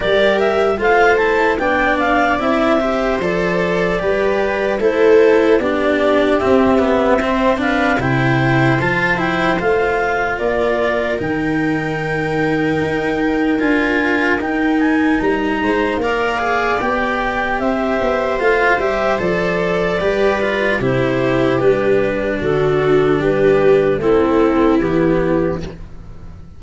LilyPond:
<<
  \new Staff \with { instrumentName = "clarinet" } { \time 4/4 \tempo 4 = 75 d''8 e''8 f''8 a''8 g''8 f''8 e''4 | d''2 c''4 d''4 | e''4. f''8 g''4 a''8 g''8 | f''4 d''4 g''2~ |
g''4 gis''4 g''8 gis''8 ais''4 | f''4 g''4 e''4 f''8 e''8 | d''2 c''4 b'4 | a'4 b'4 a'4 g'4 | }
  \new Staff \with { instrumentName = "viola" } { \time 4/4 ais'4 c''4 d''4. c''8~ | c''4 b'4 a'4 g'4~ | g'4 c''8 b'8 c''2~ | c''4 ais'2.~ |
ais'2.~ ais'8 c''8 | d''2 c''2~ | c''4 b'4 g'2 | fis'4 g'4 e'2 | }
  \new Staff \with { instrumentName = "cello" } { \time 4/4 g'4 f'8 e'8 d'4 e'8 g'8 | a'4 g'4 e'4 d'4 | c'8 b8 c'8 d'8 e'4 f'8 e'8 | f'2 dis'2~ |
dis'4 f'4 dis'2 | ais'8 gis'8 g'2 f'8 g'8 | a'4 g'8 f'8 e'4 d'4~ | d'2 c'4 b4 | }
  \new Staff \with { instrumentName = "tuba" } { \time 4/4 g4 a4 b4 c'4 | f4 g4 a4 b4 | c'2 c4 f4 | a4 ais4 dis2 |
dis'4 d'4 dis'4 g8 gis8 | ais4 b4 c'8 b8 a8 g8 | f4 g4 c4 g4 | d4 g4 a4 e4 | }
>>